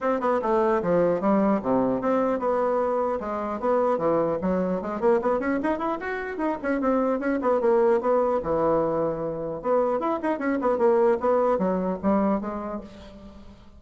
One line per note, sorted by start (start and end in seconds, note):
0.00 0.20 C4
0.20 0.40 B3
0.42 0.82 A3
0.82 1.20 F3
1.20 1.60 G3
1.62 2.01 C3
2.01 2.39 C4
2.39 3.19 B3
3.20 3.60 G#3
3.60 3.97 B3
3.97 4.37 E3
4.41 4.81 F#3
4.81 5.00 G#3
5.00 5.20 A#3
5.21 5.39 B3
5.39 5.59 C#4
5.62 5.78 D#4
5.78 5.98 E4
6.00 6.37 F#4
6.37 6.57 D#4
6.62 6.80 C#4
6.80 7.19 C4
7.19 7.39 C#4
7.41 7.61 B3
7.61 8.01 A#3
8.01 8.41 B3
8.42 9.61 E3
9.61 9.99 B3
9.99 10.19 E4
10.22 10.39 D#4
10.39 10.59 C#4
10.61 10.78 B3
10.78 11.18 A#3
11.20 11.58 B3
11.58 11.98 F#3
12.02 12.40 G3
12.40 12.80 G#3